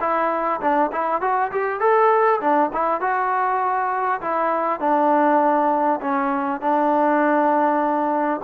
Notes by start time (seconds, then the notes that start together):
0.00 E4
0.60 D4
0.92 E4
1.21 F#4
1.51 G4
1.80 A4
2.40 D4
2.73 E4
3.00 F#4
4.21 E4
4.80 D4
6.00 C#4
6.60 D4